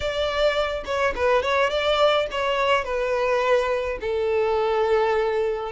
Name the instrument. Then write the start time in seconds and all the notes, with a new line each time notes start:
violin
0.00 D5
0.85 C#5
1.15 B4
1.42 C#5
1.69 D5
2.31 C#5
2.84 B4
4.01 A4